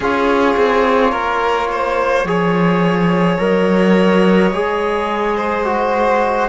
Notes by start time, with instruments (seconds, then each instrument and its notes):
0.00 cello C#4, trombone F4, violin G#4, flute C#5
0.56 cello C4
1.11 cello A#3, violin A#4
1.71 violin C5
2.24 cello F3, trombone G#4, violin C#5
3.38 cello F#3, trombone A#4, flute D#5
4.52 cello G#3, trombone G#4
5.36 violin C5
5.64 trombone F#4